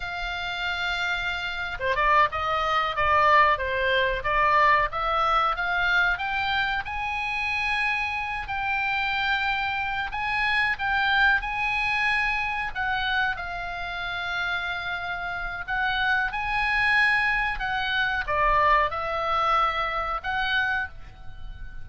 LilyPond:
\new Staff \with { instrumentName = "oboe" } { \time 4/4 \tempo 4 = 92 f''2~ f''8. c''16 d''8 dis''8~ | dis''8 d''4 c''4 d''4 e''8~ | e''8 f''4 g''4 gis''4.~ | gis''4 g''2~ g''8 gis''8~ |
gis''8 g''4 gis''2 fis''8~ | fis''8 f''2.~ f''8 | fis''4 gis''2 fis''4 | d''4 e''2 fis''4 | }